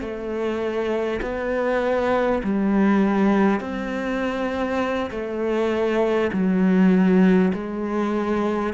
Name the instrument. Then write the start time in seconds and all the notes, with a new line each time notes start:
cello
0.00 A3
1.21 B3
2.43 G3
3.60 C4
5.11 A3
6.32 F#3
7.53 G#3